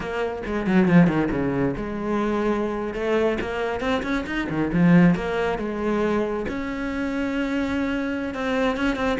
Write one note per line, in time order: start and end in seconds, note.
0.00 0.42 A#3
0.46 0.66 G#3
0.66 0.88 F#3
0.88 1.07 F3
1.07 1.29 D#3
1.31 1.75 C#3
1.76 2.94 G#3
2.94 3.37 A3
3.40 3.80 A#3
3.80 4.02 C4
4.03 4.24 C#4
4.26 4.48 D#4
4.49 4.71 D#3
4.73 5.15 F3
5.15 5.58 A#3
5.58 6.46 G#3
6.48 8.34 C#4
8.34 8.77 C4
8.77 8.95 C#4
8.95 9.17 C4